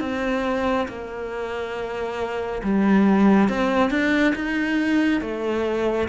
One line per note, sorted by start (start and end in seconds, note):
0.00 0.87 C4
0.88 2.62 A#3
2.63 3.49 G3
3.49 3.90 C4
3.90 4.34 D4
4.35 5.21 D#4
5.21 6.08 A3